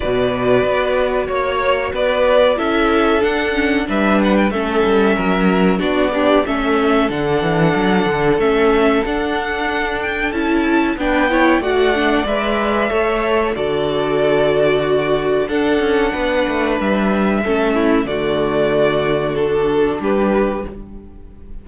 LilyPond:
<<
  \new Staff \with { instrumentName = "violin" } { \time 4/4 \tempo 4 = 93 d''2 cis''4 d''4 | e''4 fis''4 e''8 fis''16 g''16 e''4~ | e''4 d''4 e''4 fis''4~ | fis''4 e''4 fis''4. g''8 |
a''4 g''4 fis''4 e''4~ | e''4 d''2. | fis''2 e''2 | d''2 a'4 b'4 | }
  \new Staff \with { instrumentName = "violin" } { \time 4/4 b'2 cis''4 b'4 | a'2 b'4 a'4 | ais'4 fis'8 d'8 a'2~ | a'1~ |
a'4 b'8 cis''8 d''2 | cis''4 a'2 fis'4 | a'4 b'2 a'8 e'8 | fis'2. g'4 | }
  \new Staff \with { instrumentName = "viola" } { \time 4/4 fis'1 | e'4 d'8 cis'8 d'4 cis'4~ | cis'4 d'8 g'8 cis'4 d'4~ | d'4 cis'4 d'2 |
e'4 d'8 e'8 fis'8 d'8 b'4 | a'4 fis'2. | d'2. cis'4 | a2 d'2 | }
  \new Staff \with { instrumentName = "cello" } { \time 4/4 b,4 b4 ais4 b4 | cis'4 d'4 g4 a8 g8 | fis4 b4 a4 d8 e8 | fis8 d8 a4 d'2 |
cis'4 b4 a4 gis4 | a4 d2. | d'8 cis'8 b8 a8 g4 a4 | d2. g4 | }
>>